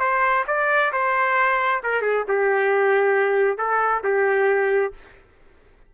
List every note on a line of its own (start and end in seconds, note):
0.00 0.45 C5
0.48 0.92 D5
0.93 1.82 C5
1.84 2.02 A#4
2.02 2.25 G#4
2.29 3.58 G4
3.58 4.03 A4
4.04 4.94 G4